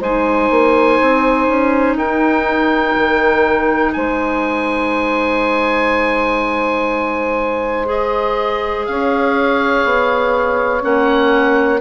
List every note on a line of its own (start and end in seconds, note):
0.00 0.50 G#3
0.00 7.86 D#4
0.00 1.97 C5
0.00 1.98 G#5
0.51 1.00 A#3
1.02 1.48 C4
1.48 1.97 C#4
1.97 2.95 D#4
1.97 3.94 A#4
1.97 3.93 G5
2.97 3.96 D#3
3.93 8.88 G#3
3.93 8.89 C5
3.93 7.86 G#5
7.86 10.81 G#4
7.86 8.86 D#5
8.86 9.85 C#4
8.86 11.81 C#5
8.86 10.83 F5
9.85 10.83 B3
10.82 11.81 A#3
10.82 11.80 C#4
10.82 11.81 F#5